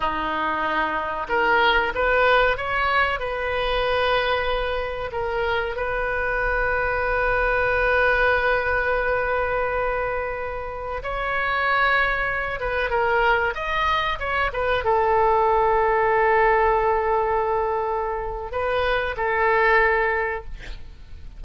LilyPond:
\new Staff \with { instrumentName = "oboe" } { \time 4/4 \tempo 4 = 94 dis'2 ais'4 b'4 | cis''4 b'2. | ais'4 b'2.~ | b'1~ |
b'4~ b'16 cis''2~ cis''8 b'16~ | b'16 ais'4 dis''4 cis''8 b'8 a'8.~ | a'1~ | a'4 b'4 a'2 | }